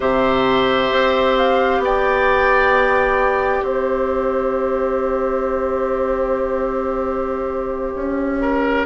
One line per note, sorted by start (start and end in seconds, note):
0.00 0.91 C3
0.00 8.85 G4
0.00 1.81 C5
0.00 1.37 E5
0.91 1.79 C4
1.37 1.82 F5
1.79 3.60 B3
1.79 3.64 D5
1.79 3.66 G5
3.62 7.94 C4
3.62 8.41 C5
3.62 8.85 E5
7.95 8.85 C#4
8.41 8.85 A#4